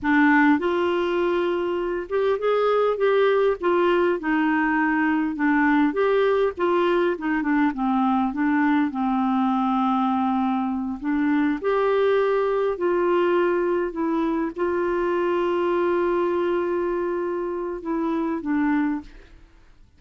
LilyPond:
\new Staff \with { instrumentName = "clarinet" } { \time 4/4 \tempo 4 = 101 d'4 f'2~ f'8 g'8 | gis'4 g'4 f'4 dis'4~ | dis'4 d'4 g'4 f'4 | dis'8 d'8 c'4 d'4 c'4~ |
c'2~ c'8 d'4 g'8~ | g'4. f'2 e'8~ | e'8 f'2.~ f'8~ | f'2 e'4 d'4 | }